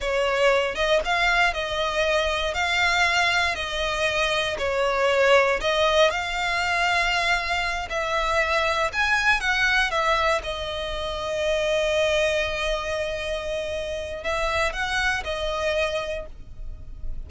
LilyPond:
\new Staff \with { instrumentName = "violin" } { \time 4/4 \tempo 4 = 118 cis''4. dis''8 f''4 dis''4~ | dis''4 f''2 dis''4~ | dis''4 cis''2 dis''4 | f''2.~ f''8 e''8~ |
e''4. gis''4 fis''4 e''8~ | e''8 dis''2.~ dis''8~ | dis''1 | e''4 fis''4 dis''2 | }